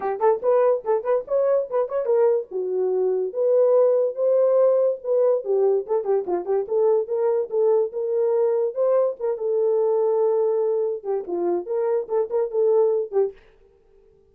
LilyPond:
\new Staff \with { instrumentName = "horn" } { \time 4/4 \tempo 4 = 144 g'8 a'8 b'4 a'8 b'8 cis''4 | b'8 cis''8 ais'4 fis'2 | b'2 c''2 | b'4 g'4 a'8 g'8 f'8 g'8 |
a'4 ais'4 a'4 ais'4~ | ais'4 c''4 ais'8 a'4.~ | a'2~ a'8 g'8 f'4 | ais'4 a'8 ais'8 a'4. g'8 | }